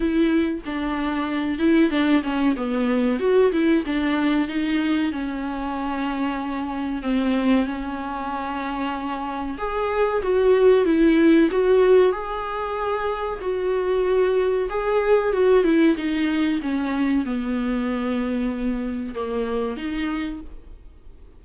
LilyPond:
\new Staff \with { instrumentName = "viola" } { \time 4/4 \tempo 4 = 94 e'4 d'4. e'8 d'8 cis'8 | b4 fis'8 e'8 d'4 dis'4 | cis'2. c'4 | cis'2. gis'4 |
fis'4 e'4 fis'4 gis'4~ | gis'4 fis'2 gis'4 | fis'8 e'8 dis'4 cis'4 b4~ | b2 ais4 dis'4 | }